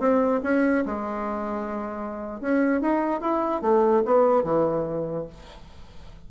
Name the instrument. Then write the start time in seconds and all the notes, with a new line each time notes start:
bassoon
0.00 C4
0.44 C#4
0.86 G#3
2.41 C#4
2.81 D#4
3.21 E4
3.62 A3
4.06 B3
4.44 E3